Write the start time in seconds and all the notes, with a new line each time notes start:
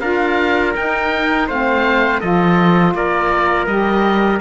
0.00 D4 F4 A#4 F5
0.75 D#4 G5
1.47 A3 C4 C5 F5
2.20 F3 F4 A4 D#5
2.94 A#3 A#4 D5
3.66 G3 G4 D#5